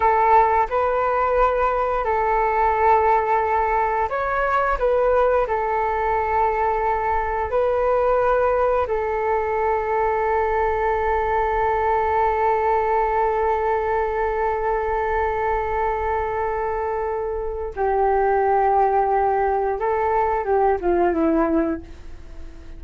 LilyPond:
\new Staff \with { instrumentName = "flute" } { \time 4/4 \tempo 4 = 88 a'4 b'2 a'4~ | a'2 cis''4 b'4 | a'2. b'4~ | b'4 a'2.~ |
a'1~ | a'1~ | a'2 g'2~ | g'4 a'4 g'8 f'8 e'4 | }